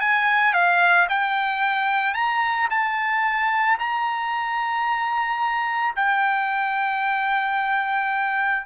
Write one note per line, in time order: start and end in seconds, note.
0.00 0.53 G#5
0.53 1.07 F5
1.09 2.14 G5
2.14 2.68 A#5
2.70 3.78 A5
3.79 5.95 A#5
5.96 8.66 G5